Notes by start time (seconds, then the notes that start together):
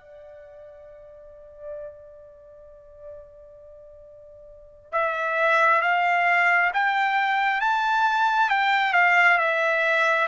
0.00 D5
4.92 E5
5.82 F5
6.74 G5
7.61 A5
8.50 G5
8.93 F5
9.38 E5